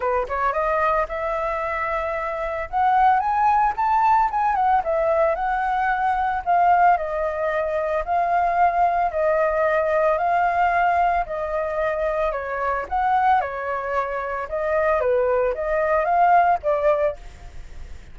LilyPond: \new Staff \with { instrumentName = "flute" } { \time 4/4 \tempo 4 = 112 b'8 cis''8 dis''4 e''2~ | e''4 fis''4 gis''4 a''4 | gis''8 fis''8 e''4 fis''2 | f''4 dis''2 f''4~ |
f''4 dis''2 f''4~ | f''4 dis''2 cis''4 | fis''4 cis''2 dis''4 | b'4 dis''4 f''4 d''4 | }